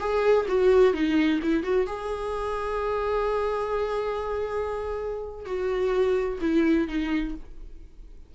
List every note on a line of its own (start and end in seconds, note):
0.00 0.47 G#4
0.48 0.93 F#4
0.93 1.40 D#4
1.42 1.63 E4
1.63 1.87 F#4
1.87 5.46 G#4
5.46 6.39 F#4
6.41 6.88 E4
6.88 7.34 D#4